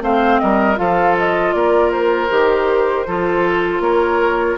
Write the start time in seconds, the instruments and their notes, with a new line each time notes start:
0.00 bassoon A3, clarinet C4, oboe C5, flute F5
0.39 bassoon G3, oboe A#4, flute D#5
0.76 bassoon F3, clarinet F4, oboe A4, flute F5
1.18 flute D#5
1.53 bassoon A#3, oboe A#4, flute D5
1.92 flute C5
2.29 bassoon D#3, clarinet G4
3.07 bassoon F3, clarinet F4, oboe A4
3.80 bassoon A#3, oboe A#4, flute C#5